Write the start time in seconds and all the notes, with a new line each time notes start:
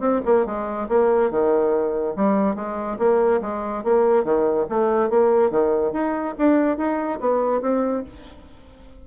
0.00 C4
0.26 A#3
0.46 G#3
0.89 A#3
1.31 D#3
2.16 G3
2.56 G#3
2.99 A#3
3.42 G#3
3.84 A#3
4.24 D#3
4.70 A3
5.10 A#3
5.51 D#3
5.93 D#4
6.39 D4
6.78 D#4
7.20 B3
7.62 C4